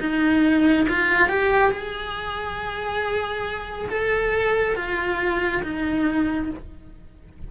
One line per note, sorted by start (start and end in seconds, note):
0.00 0.87 D#4
0.89 1.29 F4
1.29 1.71 G4
1.71 3.89 G#4
3.89 4.75 A4
4.75 5.62 F4
5.63 6.50 D#4